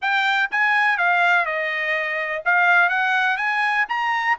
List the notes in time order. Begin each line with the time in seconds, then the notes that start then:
0.01 G5
0.51 G#5
0.97 F5
1.45 D#5
2.45 F5
2.89 F#5
3.37 G#5
3.88 A#5